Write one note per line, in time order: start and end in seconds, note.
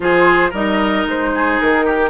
0.00 0.52 F3
0.00 0.52 F4
0.00 0.50 G#4
0.00 0.53 C5
0.50 1.05 G3
0.50 2.09 D#4
0.50 1.30 A#4
0.50 1.07 D#5
1.06 1.59 G#3
1.06 1.60 C5
1.34 1.85 G#4
1.60 2.09 D#3
1.60 2.09 A#4
1.85 2.09 G4